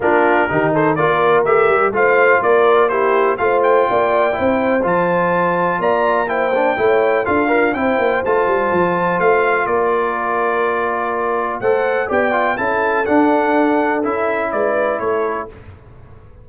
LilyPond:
<<
  \new Staff \with { instrumentName = "trumpet" } { \time 4/4 \tempo 4 = 124 ais'4. c''8 d''4 e''4 | f''4 d''4 c''4 f''8 g''8~ | g''2 a''2 | ais''4 g''2 f''4 |
g''4 a''2 f''4 | d''1 | fis''4 g''4 a''4 fis''4~ | fis''4 e''4 d''4 cis''4 | }
  \new Staff \with { instrumentName = "horn" } { \time 4/4 f'4 g'8 a'8 ais'2 | c''4 ais'4 g'4 c''4 | d''4 c''2. | d''4 c''4 cis''4 a'8 f'8 |
c''1 | ais'1 | c''4 d''4 a'2~ | a'2 b'4 a'4 | }
  \new Staff \with { instrumentName = "trombone" } { \time 4/4 d'4 dis'4 f'4 g'4 | f'2 e'4 f'4~ | f'4 e'4 f'2~ | f'4 e'8 d'8 e'4 f'8 ais'8 |
e'4 f'2.~ | f'1 | a'4 g'8 f'8 e'4 d'4~ | d'4 e'2. | }
  \new Staff \with { instrumentName = "tuba" } { \time 4/4 ais4 dis4 ais4 a8 g8 | a4 ais2 a4 | ais4 c'4 f2 | ais2 a4 d'4 |
c'8 ais8 a8 g8 f4 a4 | ais1 | a4 b4 cis'4 d'4~ | d'4 cis'4 gis4 a4 | }
>>